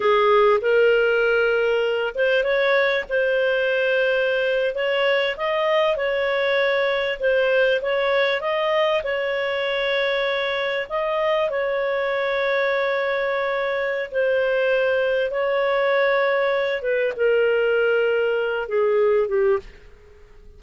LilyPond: \new Staff \with { instrumentName = "clarinet" } { \time 4/4 \tempo 4 = 98 gis'4 ais'2~ ais'8 c''8 | cis''4 c''2~ c''8. cis''16~ | cis''8. dis''4 cis''2 c''16~ | c''8. cis''4 dis''4 cis''4~ cis''16~ |
cis''4.~ cis''16 dis''4 cis''4~ cis''16~ | cis''2. c''4~ | c''4 cis''2~ cis''8 b'8 | ais'2~ ais'8 gis'4 g'8 | }